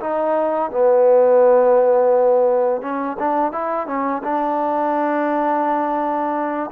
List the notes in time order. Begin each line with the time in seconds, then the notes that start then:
0.00 D#4
0.71 B3
2.81 C#4
3.19 D4
3.52 E4
3.87 C#4
4.23 D4